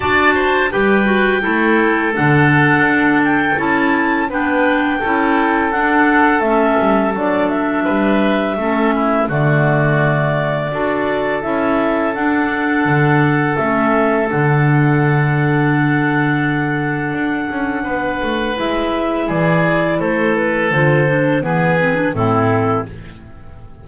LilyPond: <<
  \new Staff \with { instrumentName = "clarinet" } { \time 4/4 \tempo 4 = 84 a''4 g''2 fis''4~ | fis''8 g''8 a''4 g''2 | fis''4 e''4 d''8 e''4.~ | e''4 d''2. |
e''4 fis''2 e''4 | fis''1~ | fis''2 e''4 d''4 | c''8 b'8 c''4 b'4 a'4 | }
  \new Staff \with { instrumentName = "oboe" } { \time 4/4 d''8 c''8 b'4 a'2~ | a'2 b'4 a'4~ | a'2. b'4 | a'8 e'8 fis'2 a'4~ |
a'1~ | a'1~ | a'4 b'2 gis'4 | a'2 gis'4 e'4 | }
  \new Staff \with { instrumentName = "clarinet" } { \time 4/4 fis'4 g'8 fis'8 e'4 d'4~ | d'4 e'4 d'4 e'4 | d'4 cis'4 d'2 | cis'4 a2 fis'4 |
e'4 d'2 cis'4 | d'1~ | d'2 e'2~ | e'4 f'8 d'8 b8 c'16 d'16 c'4 | }
  \new Staff \with { instrumentName = "double bass" } { \time 4/4 d'4 g4 a4 d4 | d'4 cis'4 b4 cis'4 | d'4 a8 g8 fis4 g4 | a4 d2 d'4 |
cis'4 d'4 d4 a4 | d1 | d'8 cis'8 b8 a8 gis4 e4 | a4 d4 e4 a,4 | }
>>